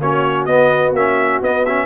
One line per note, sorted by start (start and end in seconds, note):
0.00 0.46 A#3
0.00 0.48 C#4
0.00 1.86 F#4
0.00 0.45 C#5
0.45 0.93 B3
0.45 0.96 B3
0.45 0.92 D#5
0.93 1.40 A#3
0.93 1.42 C#4
0.93 1.42 E5
1.41 1.86 B3
1.41 1.65 B3
1.41 1.65 D#5
1.65 1.86 C#4
1.65 1.86 E5